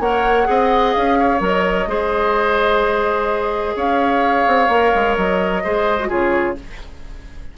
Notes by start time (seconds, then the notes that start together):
0.00 A#3 A#4 C#5 F#5
0.44 C4 G#4 D#5
0.94 C#4 F5
1.19 C#5
1.40 F#3 A#4 D#5
1.87 G#3 G#4 C5
3.76 C#4 C#5 F5
4.47 C4
4.68 A#3 A#4
4.95 G#3
5.17 F#3 D#5
5.63 G#3 G#4 C5
6.00 F#4
6.08 C#3 F4 G#4 C#5